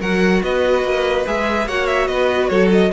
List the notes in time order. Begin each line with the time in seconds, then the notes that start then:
0.00 F#3 F#4 A#4 F#5
0.43 B3 B4 D#5
0.83 A#3
1.26 G#3 G#4 E5
1.66 A#3 F#4 C#5 F#5
1.86 E5
2.07 B3 B4 D#5
2.48 F#3 A4 C#5
2.71 D#5